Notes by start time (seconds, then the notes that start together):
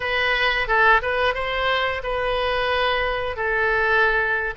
0.00 B4
0.67 A4
1.01 B4
1.34 C5
2.03 B4
3.36 A4